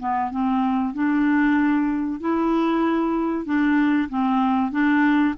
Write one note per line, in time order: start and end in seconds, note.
0.00 0.31 B3
0.31 0.94 C4
0.94 2.20 D4
2.20 3.45 E4
3.45 4.09 D4
4.10 4.72 C4
4.72 5.35 D4